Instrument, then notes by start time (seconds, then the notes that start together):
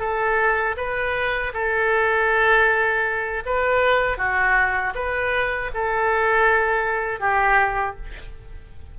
oboe
0.00 A4
0.77 B4
1.54 A4
3.46 B4
4.18 F#4
4.95 B4
5.74 A4
7.20 G4